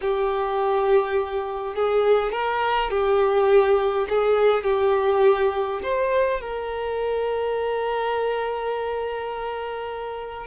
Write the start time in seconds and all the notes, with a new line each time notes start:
0.01 G4
1.75 G#4
2.32 A#4
2.90 G4
4.09 G#4
4.63 G4
5.83 C5
6.41 A#4